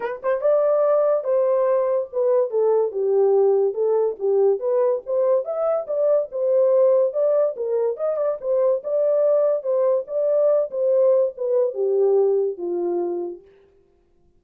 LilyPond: \new Staff \with { instrumentName = "horn" } { \time 4/4 \tempo 4 = 143 b'8 c''8 d''2 c''4~ | c''4 b'4 a'4 g'4~ | g'4 a'4 g'4 b'4 | c''4 e''4 d''4 c''4~ |
c''4 d''4 ais'4 dis''8 d''8 | c''4 d''2 c''4 | d''4. c''4. b'4 | g'2 f'2 | }